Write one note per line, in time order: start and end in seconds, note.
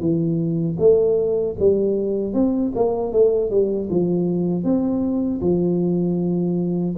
0.00 0.77 E3
0.79 1.56 A3
1.59 2.34 G3
2.34 2.72 C4
2.75 3.13 A#3
3.13 3.50 A3
3.50 3.89 G3
3.90 4.64 F3
4.64 5.41 C4
5.42 6.95 F3